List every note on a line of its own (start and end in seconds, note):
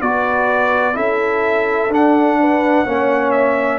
0.00 0.96 B3
0.00 0.93 F#4
0.00 0.95 B4
0.00 0.96 D5
0.93 1.88 C#4
0.93 1.89 E4
0.93 2.38 A4
0.93 1.91 E5
1.88 2.84 D4
1.88 2.86 D4
1.88 3.31 F#5
2.40 2.85 B4
2.85 3.79 A#3
2.85 3.79 C#4
2.85 3.79 C#5
3.31 3.79 E5